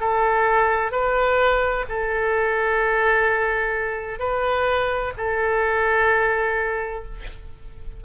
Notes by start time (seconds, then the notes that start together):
0.00 A4
0.91 B4
1.89 A4
4.19 B4
5.17 A4